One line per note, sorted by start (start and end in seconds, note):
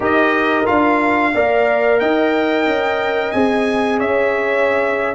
0.00 0.64 D#4
0.00 0.64 G4
0.00 1.32 A#4
0.00 0.66 D#5
0.65 1.34 D4
0.65 1.32 F4
0.65 1.99 F5
1.34 2.01 A#3
1.34 3.34 A#4
1.34 2.00 D5
1.99 2.66 D#4
1.99 3.99 D#5
1.99 3.31 G5
2.66 3.32 C#4
3.31 4.00 C4
3.31 5.14 G#4
3.31 3.98 G#5
3.99 5.14 C#4
3.99 5.14 C#5
3.99 5.14 E5